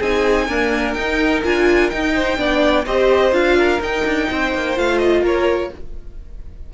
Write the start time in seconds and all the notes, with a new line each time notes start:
0.00 C4 D#4 G#4 G#5
0.47 A#3 D4 A#4
0.94 D#4 G5
1.45 D4 F4 G#5
1.90 D#4 G5
2.15 C5
2.37 B3 D4 D5
2.86 C4 G4 C5 D#5
3.32 D4 F4 F5
3.58 A#4
3.81 D#4 G5
4.06 D4
4.31 C4 C5
4.55 A#3
4.76 A3 F4 F5
4.98 D#5
5.22 A#3 A#4 C#5